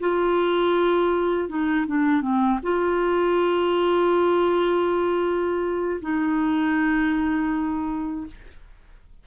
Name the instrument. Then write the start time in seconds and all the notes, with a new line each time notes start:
clarinet
0.00 F4
1.49 D#4
1.87 D4
2.22 C4
2.63 F4
6.01 D#4